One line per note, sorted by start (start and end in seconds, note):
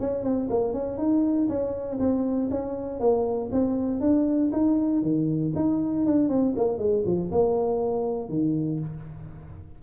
0.00 0.23 C#4
0.23 0.49 C4
0.50 0.74 A#3
0.74 0.98 C#4
0.98 1.48 D#4
1.49 1.99 C#4
1.99 2.50 C4
2.50 3.00 C#4
3.00 3.50 A#3
3.52 4.00 C4
4.00 4.51 D4
4.52 5.02 D#4
5.02 5.53 D#3
5.55 6.06 D#4
6.06 6.29 D4
6.29 6.54 C4
6.56 6.78 A#3
6.78 7.03 G#3
7.06 7.31 F3
7.31 8.29 A#3
8.29 8.79 D#3